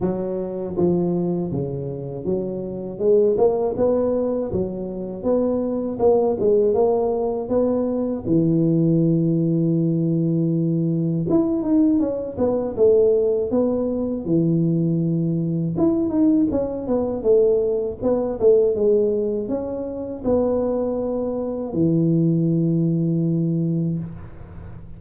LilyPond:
\new Staff \with { instrumentName = "tuba" } { \time 4/4 \tempo 4 = 80 fis4 f4 cis4 fis4 | gis8 ais8 b4 fis4 b4 | ais8 gis8 ais4 b4 e4~ | e2. e'8 dis'8 |
cis'8 b8 a4 b4 e4~ | e4 e'8 dis'8 cis'8 b8 a4 | b8 a8 gis4 cis'4 b4~ | b4 e2. | }